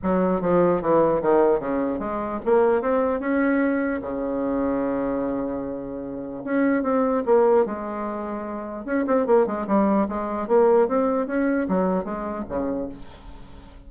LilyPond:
\new Staff \with { instrumentName = "bassoon" } { \time 4/4 \tempo 4 = 149 fis4 f4 e4 dis4 | cis4 gis4 ais4 c'4 | cis'2 cis2~ | cis1 |
cis'4 c'4 ais4 gis4~ | gis2 cis'8 c'8 ais8 gis8 | g4 gis4 ais4 c'4 | cis'4 fis4 gis4 cis4 | }